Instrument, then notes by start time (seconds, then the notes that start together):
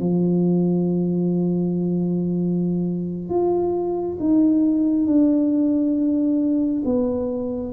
tuba
0.00 F3
3.30 F4
4.20 D#4
5.07 D4
6.85 B3